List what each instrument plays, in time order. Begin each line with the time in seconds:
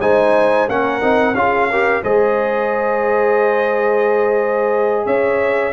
0.00 tuba G#3, trombone D#4, horn C5, trumpet G#5
0.69 tuba A#3, trombone C#4, horn A#4, trumpet F#5
1.01 tuba C4, trombone D#4
1.35 tuba C#4, trombone F4, horn G#4, trumpet F5
1.71 trombone G4, horn A#4
2.04 tuba G#3, trombone G#4, horn C5, trumpet D#5
5.06 tuba C#4, horn C#5, trumpet E5